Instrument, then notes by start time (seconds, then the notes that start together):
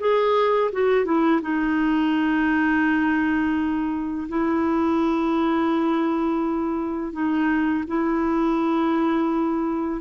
clarinet
0.00 G#4
0.72 F#4
1.05 E4
1.42 D#4
4.29 E4
7.13 D#4
7.87 E4